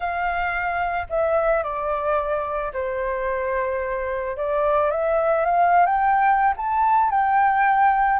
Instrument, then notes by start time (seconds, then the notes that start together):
flute
0.00 F5
1.09 E5
1.63 D5
2.73 C5
4.36 D5
4.90 E5
5.45 F5
5.86 G5
6.56 A5
7.10 G5